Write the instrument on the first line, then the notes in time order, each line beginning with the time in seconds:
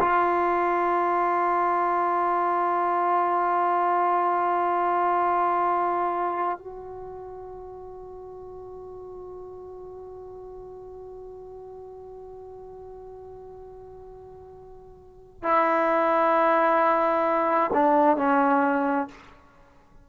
trombone
0.00 F4
6.58 F#4
15.43 E4
17.74 D4
18.17 C#4